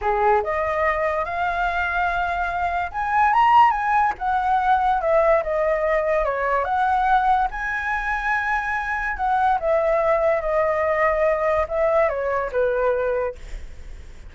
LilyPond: \new Staff \with { instrumentName = "flute" } { \time 4/4 \tempo 4 = 144 gis'4 dis''2 f''4~ | f''2. gis''4 | ais''4 gis''4 fis''2 | e''4 dis''2 cis''4 |
fis''2 gis''2~ | gis''2 fis''4 e''4~ | e''4 dis''2. | e''4 cis''4 b'2 | }